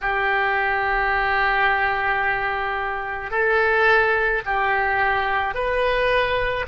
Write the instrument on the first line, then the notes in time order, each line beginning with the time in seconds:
oboe
0.01 G4
3.30 A4
4.45 G4
5.54 B4